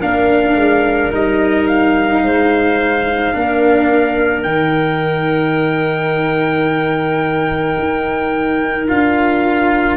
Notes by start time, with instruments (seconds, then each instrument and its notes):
0.00 tuba A#3, cello D4, clarinet A#4, trumpet F5
0.55 tuba G#3
1.12 tuba G3, cello D#4, trumpet D#5
1.67 trumpet F5
2.23 tuba G#3, clarinet C5
3.33 tuba A#3, cello D4, clarinet A#4
4.43 tuba D#3, cello D#4, trumpet G5
7.79 tuba D#4
8.88 tuba D4, cello F4, trumpet F5